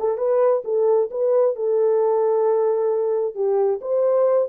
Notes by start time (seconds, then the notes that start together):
0.00 A4
0.18 B4
0.65 A4
1.11 B4
1.56 A4
3.35 G4
3.81 C5